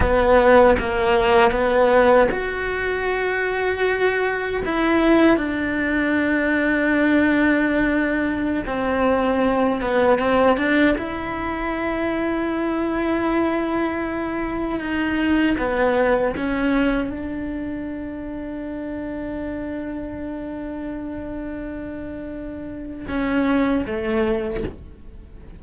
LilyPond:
\new Staff \with { instrumentName = "cello" } { \time 4/4 \tempo 4 = 78 b4 ais4 b4 fis'4~ | fis'2 e'4 d'4~ | d'2.~ d'16 c'8.~ | c'8. b8 c'8 d'8 e'4.~ e'16~ |
e'2.~ e'16 dis'8.~ | dis'16 b4 cis'4 d'4.~ d'16~ | d'1~ | d'2 cis'4 a4 | }